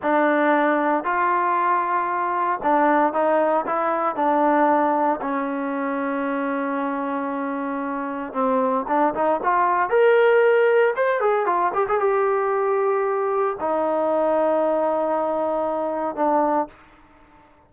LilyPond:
\new Staff \with { instrumentName = "trombone" } { \time 4/4 \tempo 4 = 115 d'2 f'2~ | f'4 d'4 dis'4 e'4 | d'2 cis'2~ | cis'1 |
c'4 d'8 dis'8 f'4 ais'4~ | ais'4 c''8 gis'8 f'8 g'16 gis'16 g'4~ | g'2 dis'2~ | dis'2. d'4 | }